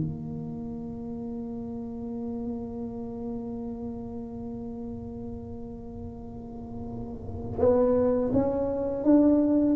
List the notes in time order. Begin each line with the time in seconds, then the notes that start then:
0.00 A#3
7.59 B3
8.33 C#4
9.04 D4